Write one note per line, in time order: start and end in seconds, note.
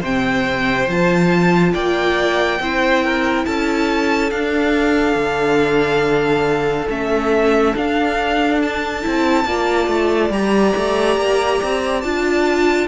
0.00 0.87 C3
0.00 0.87 C4
0.00 1.71 C5
0.00 0.90 G5
0.87 1.73 F3
0.87 2.58 F4
0.87 1.74 A5
1.73 2.59 A#3
1.73 2.59 D5
1.73 3.45 G5
2.59 3.45 C4
2.59 4.29 E4
2.59 3.04 C5
3.04 3.45 A#4
3.45 4.31 C#4
3.45 9.45 A4
3.45 4.30 A5
4.29 6.87 D4
4.29 5.15 D4
4.29 6.87 F5
5.15 6.87 D3
6.88 7.74 A3
6.88 7.75 C#4
6.88 7.75 E5
7.75 9.02 D4
7.75 9.04 D4
7.75 8.61 F5
8.61 10.32 A5
9.02 9.44 C4
9.02 9.45 E4
9.44 9.87 A#3
9.44 10.32 F4
9.44 12.87 D5
9.87 10.29 A3
10.29 10.72 G3
10.29 12.03 G4
10.29 12.01 A#5
10.76 11.17 A3
11.17 11.60 A#3
11.62 12.04 C4
12.01 12.87 D4
12.01 12.87 F4
12.01 12.87 A5